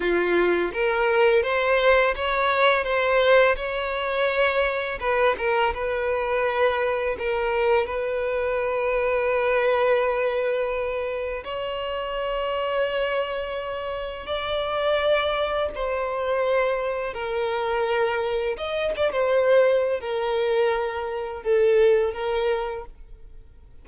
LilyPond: \new Staff \with { instrumentName = "violin" } { \time 4/4 \tempo 4 = 84 f'4 ais'4 c''4 cis''4 | c''4 cis''2 b'8 ais'8 | b'2 ais'4 b'4~ | b'1 |
cis''1 | d''2 c''2 | ais'2 dis''8 d''16 c''4~ c''16 | ais'2 a'4 ais'4 | }